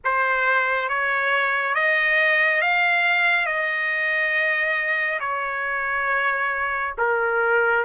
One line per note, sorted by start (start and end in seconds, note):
0.04 0.88 C5
0.88 1.74 C#5
1.74 2.61 D#5
2.61 3.45 F5
3.45 5.19 D#5
5.20 6.94 C#5
6.98 7.84 A#4